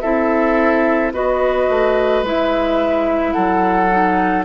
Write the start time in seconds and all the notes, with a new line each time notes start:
0.00 C4 E4 A4 E5
1.13 B3 F#4 B4 D#5
1.69 A3
2.22 G#3 E4 E5
3.32 F#3 A4 F#5
3.91 D#4